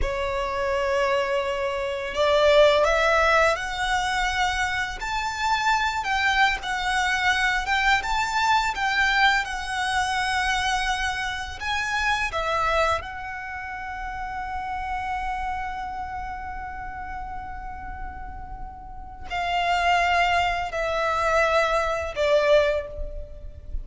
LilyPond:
\new Staff \with { instrumentName = "violin" } { \time 4/4 \tempo 4 = 84 cis''2. d''4 | e''4 fis''2 a''4~ | a''8 g''8. fis''4. g''8 a''8.~ | a''16 g''4 fis''2~ fis''8.~ |
fis''16 gis''4 e''4 fis''4.~ fis''16~ | fis''1~ | fis''2. f''4~ | f''4 e''2 d''4 | }